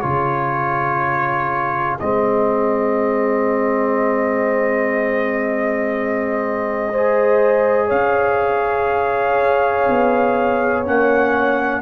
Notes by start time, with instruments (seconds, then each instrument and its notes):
0.00 tuba C#3, trombone F4, horn G#4, trumpet C#5
1.99 tuba G#3, trombone C4, trumpet D#5
6.91 trombone G#4, horn C5
7.87 tuba C#4, horn C#5, trumpet F5
9.89 tuba B3
10.85 tuba A#3, trombone C#4, trumpet F#5